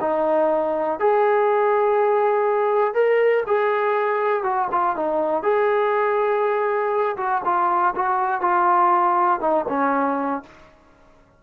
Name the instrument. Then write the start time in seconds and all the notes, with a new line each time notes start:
trombone
0.00 D#4
0.99 G#4
2.94 A#4
3.46 G#4
4.43 F#4
4.71 F4
4.96 D#4
5.43 G#4
7.17 F#4
7.45 F4
7.95 F#4
8.41 F4
9.40 D#4
9.68 C#4